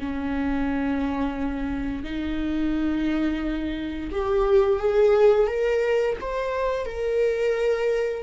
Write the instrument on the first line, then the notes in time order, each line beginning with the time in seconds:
viola
0.00 C#4
2.04 D#4
4.12 G4
4.79 G#4
5.48 A#4
6.21 C5
6.86 A#4